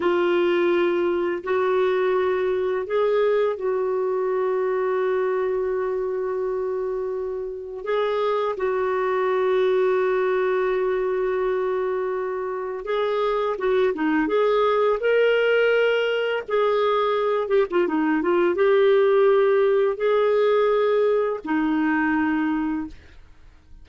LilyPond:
\new Staff \with { instrumentName = "clarinet" } { \time 4/4 \tempo 4 = 84 f'2 fis'2 | gis'4 fis'2.~ | fis'2. gis'4 | fis'1~ |
fis'2 gis'4 fis'8 dis'8 | gis'4 ais'2 gis'4~ | gis'8 g'16 f'16 dis'8 f'8 g'2 | gis'2 dis'2 | }